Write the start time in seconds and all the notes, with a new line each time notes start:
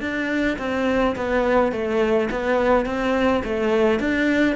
0.00 D4
0.58 C4
1.16 B3
1.72 A3
2.30 B3
2.85 C4
3.44 A3
3.99 D4